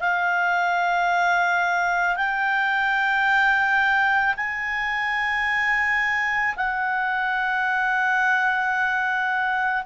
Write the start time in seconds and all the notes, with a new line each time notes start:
0.00 F5
2.17 G5
4.37 G#5
6.57 F#5